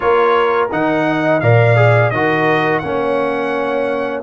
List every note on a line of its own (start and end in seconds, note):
0.00 0.72 A#3
0.00 0.68 F4
0.00 1.07 A#4
0.00 0.68 C#5
0.71 1.41 D#3
0.71 1.42 D#4
0.71 1.40 F#5
1.08 1.43 D#5
1.40 2.11 A#2
1.40 1.76 A#4
1.40 2.12 D5
1.40 2.10 F5
1.76 2.11 G#4
2.10 2.82 D#3
2.10 2.82 F#4
2.10 2.83 A#4
2.10 2.79 D#5
2.79 4.23 A#3
2.79 4.23 C#4
2.79 4.23 C#5
2.79 4.20 F#5